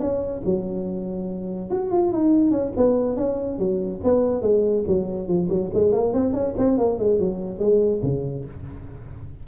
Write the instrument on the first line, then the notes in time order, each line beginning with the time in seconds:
tuba
0.00 C#4
0.46 F#3
1.71 F#4
1.92 F4
2.12 D#4
2.51 C#4
2.77 B3
3.17 C#4
3.59 F#3
4.04 B3
4.42 G#3
4.88 F#3
5.28 F3
5.49 F#3
5.74 G#3
5.93 A#3
6.14 C4
6.34 C#4
6.58 C4
6.78 A#3
6.99 G#3
7.20 F#3
7.59 G#3
8.03 C#3